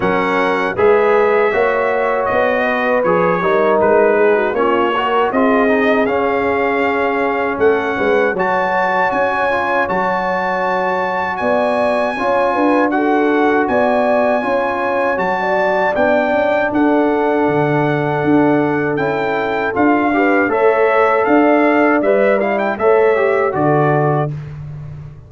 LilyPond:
<<
  \new Staff \with { instrumentName = "trumpet" } { \time 4/4 \tempo 4 = 79 fis''4 e''2 dis''4 | cis''4 b'4 cis''4 dis''4 | f''2 fis''4 a''4 | gis''4 a''2 gis''4~ |
gis''4 fis''4 gis''2 | a''4 g''4 fis''2~ | fis''4 g''4 f''4 e''4 | f''4 e''8 f''16 g''16 e''4 d''4 | }
  \new Staff \with { instrumentName = "horn" } { \time 4/4 ais'4 b'4 cis''4. b'8~ | b'8 ais'4 gis'16 fis'16 f'8 ais'8 gis'4~ | gis'2 a'8 b'8 cis''4~ | cis''2. d''4 |
cis''8 b'8 a'4 d''4 cis''4~ | cis''16 d''4.~ d''16 a'2~ | a'2~ a'8 b'8 cis''4 | d''2 cis''4 a'4 | }
  \new Staff \with { instrumentName = "trombone" } { \time 4/4 cis'4 gis'4 fis'2 | gis'8 dis'4. cis'8 fis'8 f'8 dis'8 | cis'2. fis'4~ | fis'8 f'8 fis'2. |
f'4 fis'2 f'4 | fis'4 d'2.~ | d'4 e'4 f'8 g'8 a'4~ | a'4 b'8 e'8 a'8 g'8 fis'4 | }
  \new Staff \with { instrumentName = "tuba" } { \time 4/4 fis4 gis4 ais4 b4 | f8 g8 gis4 ais4 c'4 | cis'2 a8 gis8 fis4 | cis'4 fis2 b4 |
cis'8 d'4. b4 cis'4 | fis4 b8 cis'8 d'4 d4 | d'4 cis'4 d'4 a4 | d'4 g4 a4 d4 | }
>>